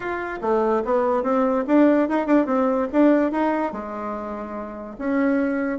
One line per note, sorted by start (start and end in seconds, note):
0.00 0.39 F4
0.41 0.83 A3
0.84 1.23 B3
1.23 1.64 C4
1.67 2.08 D4
2.08 2.26 D#4
2.26 2.46 D4
2.46 2.87 C4
2.92 3.31 D4
3.31 3.72 D#4
3.72 4.96 G#3
4.98 5.78 C#4